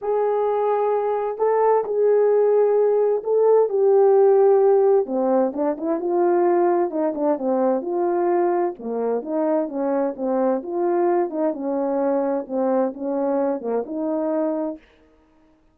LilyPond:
\new Staff \with { instrumentName = "horn" } { \time 4/4 \tempo 4 = 130 gis'2. a'4 | gis'2. a'4 | g'2. c'4 | d'8 e'8 f'2 dis'8 d'8 |
c'4 f'2 ais4 | dis'4 cis'4 c'4 f'4~ | f'8 dis'8 cis'2 c'4 | cis'4. ais8 dis'2 | }